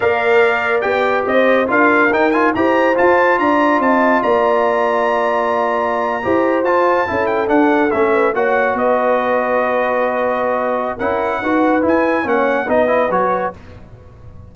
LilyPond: <<
  \new Staff \with { instrumentName = "trumpet" } { \time 4/4 \tempo 4 = 142 f''2 g''4 dis''4 | f''4 g''8 gis''8 ais''4 a''4 | ais''4 a''4 ais''2~ | ais''2.~ ais''8. a''16~ |
a''4~ a''16 g''8 fis''4 e''4 fis''16~ | fis''8. dis''2.~ dis''16~ | dis''2 fis''2 | gis''4 fis''4 dis''4 cis''4 | }
  \new Staff \with { instrumentName = "horn" } { \time 4/4 d''2. c''4 | ais'2 c''2 | d''4 dis''4 d''2~ | d''2~ d''8. c''4~ c''16~ |
c''8. a'2~ a'8 b'8 cis''16~ | cis''8. b'2.~ b'16~ | b'2 ais'4 b'4~ | b'4 cis''4 b'2 | }
  \new Staff \with { instrumentName = "trombone" } { \time 4/4 ais'2 g'2 | f'4 dis'8 f'8 g'4 f'4~ | f'1~ | f'2~ f'8. g'4 f'16~ |
f'8. e'4 d'4 cis'4 fis'16~ | fis'1~ | fis'2 e'4 fis'4 | e'4 cis'4 dis'8 e'8 fis'4 | }
  \new Staff \with { instrumentName = "tuba" } { \time 4/4 ais2 b4 c'4 | d'4 dis'4 e'4 f'4 | d'4 c'4 ais2~ | ais2~ ais8. e'4 f'16~ |
f'8. cis'4 d'4 a4 ais16~ | ais8. b2.~ b16~ | b2 cis'4 dis'4 | e'4 ais4 b4 fis4 | }
>>